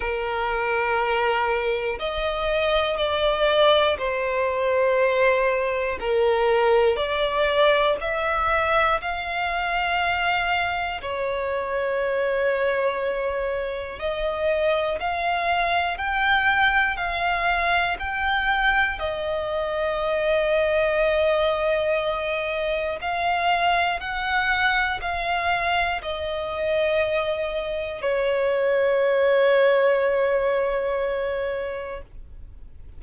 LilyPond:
\new Staff \with { instrumentName = "violin" } { \time 4/4 \tempo 4 = 60 ais'2 dis''4 d''4 | c''2 ais'4 d''4 | e''4 f''2 cis''4~ | cis''2 dis''4 f''4 |
g''4 f''4 g''4 dis''4~ | dis''2. f''4 | fis''4 f''4 dis''2 | cis''1 | }